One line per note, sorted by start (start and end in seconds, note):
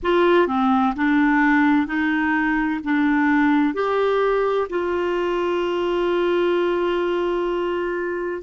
0.03 0.47 F4
0.47 0.94 C4
0.96 1.86 D4
1.86 2.80 D#4
2.84 3.74 D4
3.74 4.67 G4
4.69 8.42 F4